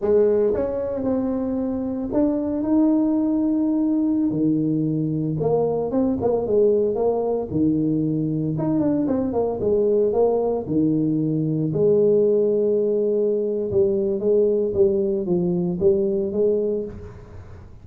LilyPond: \new Staff \with { instrumentName = "tuba" } { \time 4/4 \tempo 4 = 114 gis4 cis'4 c'2 | d'4 dis'2.~ | dis'16 dis2 ais4 c'8 ais16~ | ais16 gis4 ais4 dis4.~ dis16~ |
dis16 dis'8 d'8 c'8 ais8 gis4 ais8.~ | ais16 dis2 gis4.~ gis16~ | gis2 g4 gis4 | g4 f4 g4 gis4 | }